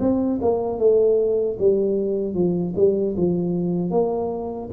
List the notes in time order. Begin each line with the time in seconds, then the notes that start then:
0.00 C4
0.42 A#3
0.79 A3
1.59 G3
2.34 F3
2.76 G3
3.17 F3
3.91 A#3